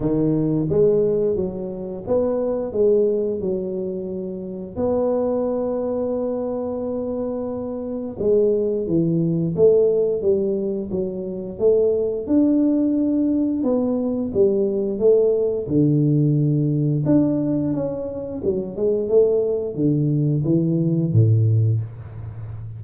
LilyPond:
\new Staff \with { instrumentName = "tuba" } { \time 4/4 \tempo 4 = 88 dis4 gis4 fis4 b4 | gis4 fis2 b4~ | b1 | gis4 e4 a4 g4 |
fis4 a4 d'2 | b4 g4 a4 d4~ | d4 d'4 cis'4 fis8 gis8 | a4 d4 e4 a,4 | }